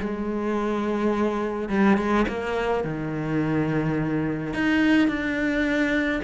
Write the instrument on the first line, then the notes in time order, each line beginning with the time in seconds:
cello
0.00 G#3
1.69 G3
1.98 G#3
2.28 A#3
2.85 D#3
4.54 D#4
5.08 D4